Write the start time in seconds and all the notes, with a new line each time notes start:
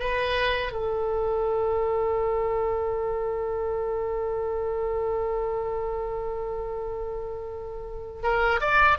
0.00 B4
0.72 A4
8.23 A#4
8.61 D5